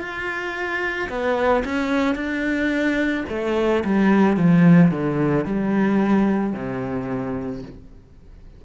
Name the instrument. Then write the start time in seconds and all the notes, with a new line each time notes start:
cello
0.00 F4
1.10 B3
1.65 C#4
2.16 D4
3.29 A3
3.85 G3
4.37 F3
4.91 D3
5.45 G3
6.54 C3